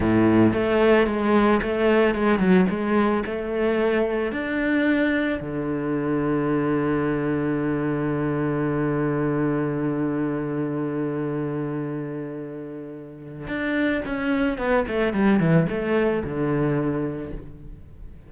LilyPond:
\new Staff \with { instrumentName = "cello" } { \time 4/4 \tempo 4 = 111 a,4 a4 gis4 a4 | gis8 fis8 gis4 a2 | d'2 d2~ | d1~ |
d1~ | d1~ | d4 d'4 cis'4 b8 a8 | g8 e8 a4 d2 | }